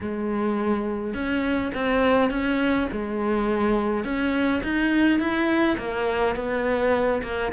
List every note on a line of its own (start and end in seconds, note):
0.01 1.14 G#3
1.14 1.71 C#4
1.74 2.30 C4
2.30 2.88 C#4
2.92 4.04 G#3
4.04 4.62 C#4
4.63 5.19 D#4
5.19 5.77 E4
5.77 6.35 A#3
6.35 7.22 B3
7.23 7.52 A#3